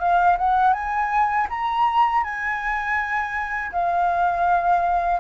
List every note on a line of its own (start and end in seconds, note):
0.00 0.37 F5
0.38 0.73 F#5
0.73 1.47 G#5
1.50 2.24 A#5
2.24 3.72 G#5
3.72 5.20 F5